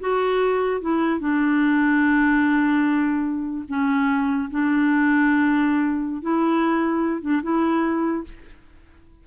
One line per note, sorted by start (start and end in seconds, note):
0.00 0.81 F#4
0.81 1.20 E4
1.20 3.65 D4
3.68 4.50 C#4
4.50 6.22 D4
6.22 7.21 E4
7.21 7.42 D4
7.43 8.24 E4